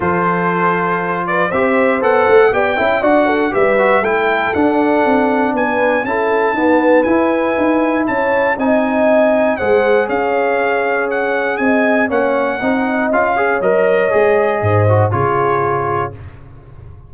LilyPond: <<
  \new Staff \with { instrumentName = "trumpet" } { \time 4/4 \tempo 4 = 119 c''2~ c''8 d''8 e''4 | fis''4 g''4 fis''4 e''4 | g''4 fis''2 gis''4 | a''2 gis''2 |
a''4 gis''2 fis''4 | f''2 fis''4 gis''4 | fis''2 f''4 dis''4~ | dis''2 cis''2 | }
  \new Staff \with { instrumentName = "horn" } { \time 4/4 a'2~ a'8 b'8 c''4~ | c''4 d''8 e''8 d''8 a'8 b'4 | a'2. b'4 | a'4 b'2. |
cis''4 dis''2 c''4 | cis''2. dis''4 | cis''4 dis''4. cis''4.~ | cis''4 c''4 gis'2 | }
  \new Staff \with { instrumentName = "trombone" } { \time 4/4 f'2. g'4 | a'4 g'8 e'8 fis'4 g'8 fis'8 | e'4 d'2. | e'4 b4 e'2~ |
e'4 dis'2 gis'4~ | gis'1 | cis'4 dis'4 f'8 gis'8 ais'4 | gis'4. fis'8 f'2 | }
  \new Staff \with { instrumentName = "tuba" } { \time 4/4 f2. c'4 | b8 a8 b8 cis'8 d'4 g4 | a4 d'4 c'4 b4 | cis'4 dis'4 e'4 dis'4 |
cis'4 c'2 gis4 | cis'2. c'4 | ais4 c'4 cis'4 fis4 | gis4 gis,4 cis2 | }
>>